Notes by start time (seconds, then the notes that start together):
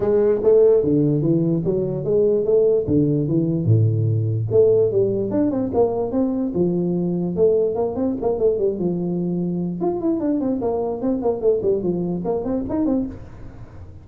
0.00 G#3
0.43 A3
0.83 D3
1.22 E3
1.65 F#3
2.04 G#3
2.44 A3
2.87 D3
3.28 E3
3.65 A2
4.51 A3
4.91 G3
5.30 D4
5.50 C4
5.74 A#3
6.11 C4
6.54 F3
7.35 A3
7.75 A#3
7.95 C4
8.21 A#3
8.38 A3
8.58 G3
8.78 F3
9.81 F4
10.00 E4
10.20 D4
10.40 C4
10.61 A#3
11.01 C4
11.22 A#3
11.41 A3
11.62 G3
11.82 F3
12.24 A#3
12.44 C4
12.69 D#4
12.85 C4